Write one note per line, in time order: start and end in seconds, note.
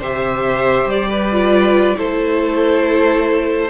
0.00 0.86 C3
0.00 1.32 G4
0.00 1.09 C5
0.00 0.90 E5
0.86 1.95 G3
0.86 1.99 D5
1.10 1.97 B4
1.32 1.96 F4
1.96 3.70 A3
1.96 3.70 E4
1.96 3.70 A4
1.96 3.70 C5